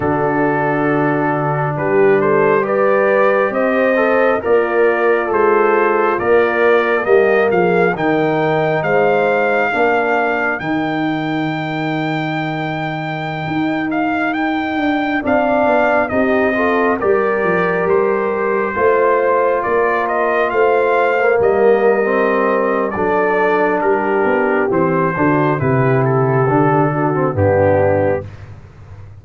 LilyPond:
<<
  \new Staff \with { instrumentName = "trumpet" } { \time 4/4 \tempo 4 = 68 a'2 b'8 c''8 d''4 | dis''4 d''4 c''4 d''4 | dis''8 f''8 g''4 f''2 | g''2.~ g''8. f''16~ |
f''16 g''4 f''4 dis''4 d''8.~ | d''16 c''2 d''8 dis''8 f''8.~ | f''16 dis''4.~ dis''16 d''4 ais'4 | c''4 b'8 a'4. g'4 | }
  \new Staff \with { instrumentName = "horn" } { \time 4/4 fis'2 g'8 a'8 b'4 | c''4 f'2. | g'8 gis'8 ais'4 c''4 ais'4~ | ais'1~ |
ais'4~ ais'16 d''4 g'8 a'8 ais'8.~ | ais'4~ ais'16 c''4 ais'4 c''8.~ | c''16 ais'4.~ ais'16 a'4 g'4~ | g'8 fis'8 g'4. fis'8 d'4 | }
  \new Staff \with { instrumentName = "trombone" } { \time 4/4 d'2. g'4~ | g'8 a'8 ais'4 a'4 ais'4 | ais4 dis'2 d'4 | dis'1~ |
dis'4~ dis'16 d'4 dis'8 f'8 g'8.~ | g'4~ g'16 f'2~ f'8. | ais4 c'4 d'2 | c'8 d'8 e'4 d'8. c'16 b4 | }
  \new Staff \with { instrumentName = "tuba" } { \time 4/4 d2 g2 | c'4 ais4 gis4 ais4 | g8 f8 dis4 gis4 ais4 | dis2.~ dis16 dis'8.~ |
dis'8. d'8 c'8 b8 c'4 g8 f16~ | f16 g4 a4 ais4 a8.~ | a16 g4.~ g16 fis4 g8 b8 | e8 d8 c4 d4 g,4 | }
>>